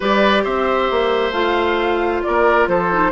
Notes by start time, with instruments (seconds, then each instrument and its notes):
0.00 bassoon G3, clarinet G4, oboe B4, flute D5
0.43 bassoon C4, oboe C5, flute E5
0.91 bassoon A#3
1.31 bassoon A3, clarinet F4, flute F5
2.22 bassoon A#3, oboe A#4, flute D5
2.67 bassoon F3, oboe A4, flute C5
2.92 clarinet D#4